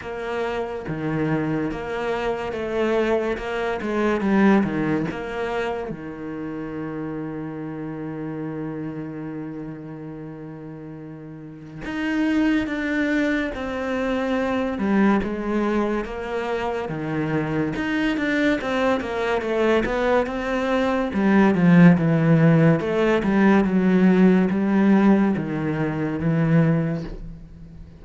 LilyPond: \new Staff \with { instrumentName = "cello" } { \time 4/4 \tempo 4 = 71 ais4 dis4 ais4 a4 | ais8 gis8 g8 dis8 ais4 dis4~ | dis1~ | dis2 dis'4 d'4 |
c'4. g8 gis4 ais4 | dis4 dis'8 d'8 c'8 ais8 a8 b8 | c'4 g8 f8 e4 a8 g8 | fis4 g4 dis4 e4 | }